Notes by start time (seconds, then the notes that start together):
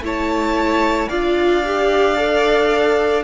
0.00 A3 E4 C#5
0.06 A5
1.09 D4 F4 D5 F5
1.65 G4
2.17 A4